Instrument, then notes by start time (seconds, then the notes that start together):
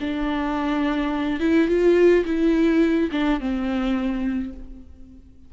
viola
0.00 D4
1.39 E4
1.67 F4
2.25 E4
3.11 D4
3.40 C4